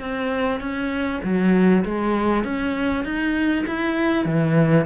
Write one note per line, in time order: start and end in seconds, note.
0.00 0.60 C4
0.60 1.21 C#4
1.23 1.84 F#3
1.85 2.44 G#3
2.44 3.04 C#4
3.04 3.65 D#4
3.67 4.25 E4
4.25 4.86 E3